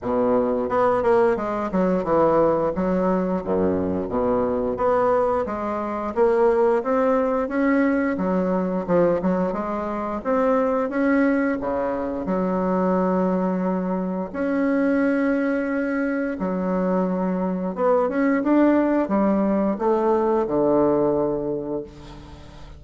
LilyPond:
\new Staff \with { instrumentName = "bassoon" } { \time 4/4 \tempo 4 = 88 b,4 b8 ais8 gis8 fis8 e4 | fis4 fis,4 b,4 b4 | gis4 ais4 c'4 cis'4 | fis4 f8 fis8 gis4 c'4 |
cis'4 cis4 fis2~ | fis4 cis'2. | fis2 b8 cis'8 d'4 | g4 a4 d2 | }